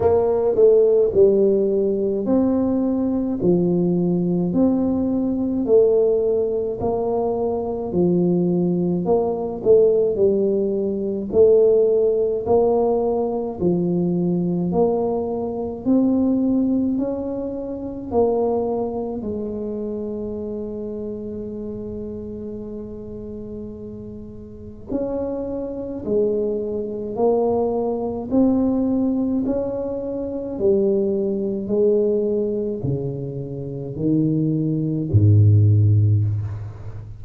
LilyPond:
\new Staff \with { instrumentName = "tuba" } { \time 4/4 \tempo 4 = 53 ais8 a8 g4 c'4 f4 | c'4 a4 ais4 f4 | ais8 a8 g4 a4 ais4 | f4 ais4 c'4 cis'4 |
ais4 gis2.~ | gis2 cis'4 gis4 | ais4 c'4 cis'4 g4 | gis4 cis4 dis4 gis,4 | }